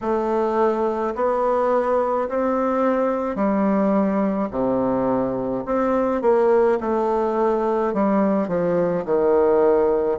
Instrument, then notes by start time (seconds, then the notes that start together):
bassoon
0.01 A3
1.15 B3
2.28 C4
3.36 G3
4.50 C3
5.66 C4
6.21 A#3
6.80 A3
7.93 G3
8.48 F3
9.05 D#3